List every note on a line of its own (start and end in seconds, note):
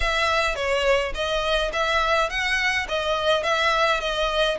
0.00 0.55 E5
0.55 1.12 C#5
1.14 1.71 D#5
1.72 2.29 E5
2.29 2.86 F#5
2.88 3.43 D#5
3.43 4.00 E5
4.00 4.57 D#5